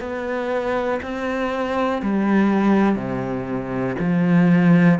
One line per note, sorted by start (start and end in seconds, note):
0.00 1.00 B3
1.02 2.02 C4
2.02 2.95 G3
2.95 3.95 C3
3.99 4.99 F3